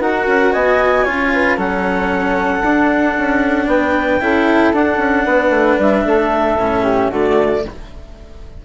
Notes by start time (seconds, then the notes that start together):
0.00 D#4 F#4 A#4 F#5
0.27 C#4
0.53 B3 D#5 G#5
1.04 C#4 F4 C#5
1.34 B4
1.57 F#3 C#4 A4 F#5
2.62 D4
3.18 C#4
3.67 B3 B4 G5
4.21 C#4 E4 A4
4.73 D4 F#5
4.98 C#4
5.25 B3 B4
5.50 A3
5.79 G3 E5
6.05 A3 A4
6.58 A2 C#4
6.84 G4
7.10 D3 A3 F#4 D5